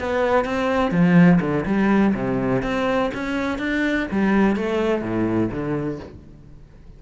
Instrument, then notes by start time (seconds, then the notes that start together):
cello
0.00 B3
0.45 C4
0.91 F3
1.41 D3
1.66 G3
2.15 C3
2.63 C4
3.14 C#4
3.59 D4
4.12 G3
4.56 A3
5.02 A2
5.52 D3